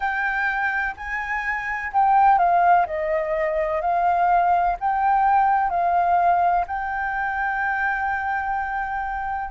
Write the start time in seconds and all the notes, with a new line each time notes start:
0.00 G5
0.96 G#5
1.92 G5
2.38 F5
2.86 D#5
3.81 F5
4.80 G5
5.69 F5
6.67 G5